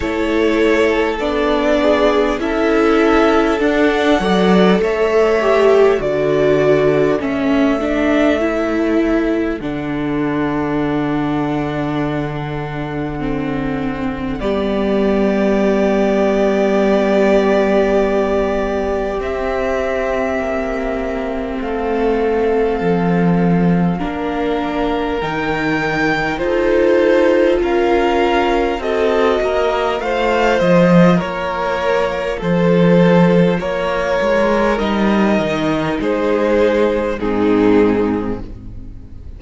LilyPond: <<
  \new Staff \with { instrumentName = "violin" } { \time 4/4 \tempo 4 = 50 cis''4 d''4 e''4 fis''4 | e''4 d''4 e''2 | fis''1 | d''1 |
e''2 f''2~ | f''4 g''4 c''4 f''4 | dis''4 f''8 dis''8 cis''4 c''4 | cis''4 dis''4 c''4 gis'4 | }
  \new Staff \with { instrumentName = "violin" } { \time 4/4 a'4. gis'8 a'4. d''8 | cis''4 a'2.~ | a'1 | g'1~ |
g'2 a'2 | ais'2 a'4 ais'4 | a'8 ais'8 c''4 ais'4 a'4 | ais'2 gis'4 dis'4 | }
  \new Staff \with { instrumentName = "viola" } { \time 4/4 e'4 d'4 e'4 d'8 a'8~ | a'8 g'8 fis'4 cis'8 d'8 e'4 | d'2. c'4 | b1 |
c'1 | d'4 dis'4 f'2 | fis'4 f'2.~ | f'4 dis'2 c'4 | }
  \new Staff \with { instrumentName = "cello" } { \time 4/4 a4 b4 cis'4 d'8 fis8 | a4 d4 a2 | d1 | g1 |
c'4 ais4 a4 f4 | ais4 dis4 dis'4 cis'4 | c'8 ais8 a8 f8 ais4 f4 | ais8 gis8 g8 dis8 gis4 gis,4 | }
>>